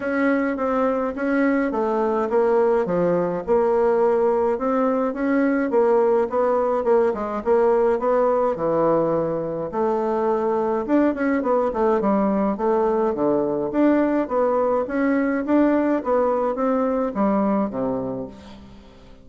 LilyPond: \new Staff \with { instrumentName = "bassoon" } { \time 4/4 \tempo 4 = 105 cis'4 c'4 cis'4 a4 | ais4 f4 ais2 | c'4 cis'4 ais4 b4 | ais8 gis8 ais4 b4 e4~ |
e4 a2 d'8 cis'8 | b8 a8 g4 a4 d4 | d'4 b4 cis'4 d'4 | b4 c'4 g4 c4 | }